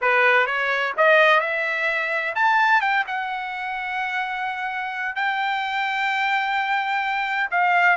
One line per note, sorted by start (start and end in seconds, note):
0.01 0.46 B4
0.46 0.93 C#5
0.97 1.40 D#5
1.40 2.34 E5
2.35 2.81 A5
2.81 3.04 G5
3.07 5.15 F#5
5.15 7.49 G5
7.50 7.96 F5